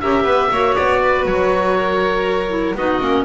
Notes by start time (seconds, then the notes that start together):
0.00 C#4 G4 A#4 E5
0.23 B3 B4
0.51 A#3 F#4 C#5
0.75 B3 D5
1.02 B4
1.25 F#3 C#5
1.77 A#4
2.49 E4
2.74 B3 D#4 F#4 D#5
3.00 A#3 C#4